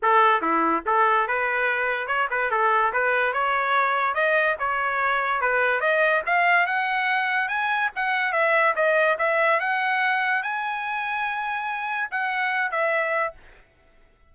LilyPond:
\new Staff \with { instrumentName = "trumpet" } { \time 4/4 \tempo 4 = 144 a'4 e'4 a'4 b'4~ | b'4 cis''8 b'8 a'4 b'4 | cis''2 dis''4 cis''4~ | cis''4 b'4 dis''4 f''4 |
fis''2 gis''4 fis''4 | e''4 dis''4 e''4 fis''4~ | fis''4 gis''2.~ | gis''4 fis''4. e''4. | }